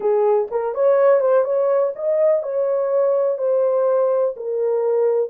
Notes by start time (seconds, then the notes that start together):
0.00 G#4
0.50 A#4
0.74 C#5
1.20 C5
1.44 C#5
1.95 D#5
2.42 C#5
3.38 C5
4.36 A#4